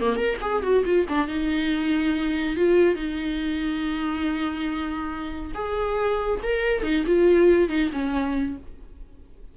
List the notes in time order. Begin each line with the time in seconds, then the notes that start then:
0.00 A#3
0.16 A#4
0.41 G#4
0.63 F#4
0.85 F4
1.09 D4
1.28 D#4
2.56 F4
2.95 D#4
5.54 G#4
6.43 A#4
6.83 D#4
7.06 F4
7.69 D#4
7.92 C#4